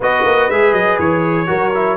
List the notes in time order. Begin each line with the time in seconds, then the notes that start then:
0.00 B3 F#4 B4 D#5
0.25 A#3
0.49 G#3 G#4 E5
0.72 F#3 D#5
0.99 E3 C#5
1.46 F#3 F#4 A#4
1.74 E4